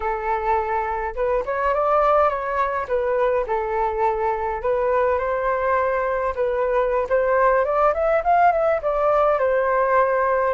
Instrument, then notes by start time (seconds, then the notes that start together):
flute
0.00 A4
1.15 B4
1.45 C#5
1.73 D5
2.29 C#5
2.87 B4
3.46 A4
4.62 B4
5.18 C5
6.35 B4
7.09 C5
7.64 D5
7.94 E5
8.23 F5
8.51 E5
8.81 D5
9.39 C5